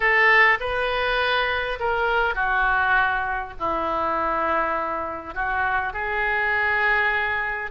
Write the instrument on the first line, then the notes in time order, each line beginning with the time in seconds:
oboe
0.00 A4
0.59 B4
1.79 A#4
2.35 F#4
3.59 E4
5.34 F#4
5.93 G#4